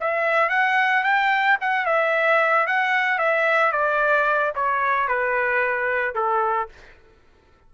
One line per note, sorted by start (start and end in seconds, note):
0.00 0.49 E5
0.49 1.03 F#5
1.03 1.57 G5
1.60 1.85 F#5
1.85 2.66 E5
2.66 3.18 F#5
3.18 3.72 E5
3.72 4.53 D5
4.55 5.08 C#5
5.08 6.14 B4
6.14 6.69 A4